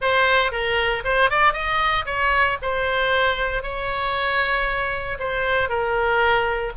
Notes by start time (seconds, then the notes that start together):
0.01 C5
0.51 A#4
1.04 C5
1.30 D5
1.53 D#5
2.05 C#5
2.62 C5
3.62 C#5
5.19 C5
5.69 A#4